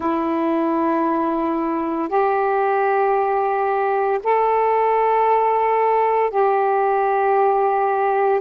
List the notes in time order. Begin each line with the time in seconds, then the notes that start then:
0.00 E4
2.09 G4
4.23 A4
6.30 G4